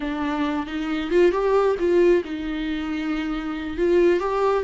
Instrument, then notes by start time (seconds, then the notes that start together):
viola
0.00 D4
0.66 D#4
1.10 F4
1.31 G4
1.79 F4
2.24 D#4
3.77 F4
4.19 G4